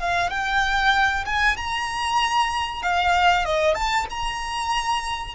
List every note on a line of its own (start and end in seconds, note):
0.00 0.30 F5
0.30 1.25 G5
1.26 1.57 G#5
1.57 2.83 A#5
2.83 3.46 F5
3.46 3.75 D#5
3.75 4.07 A5
4.11 5.35 A#5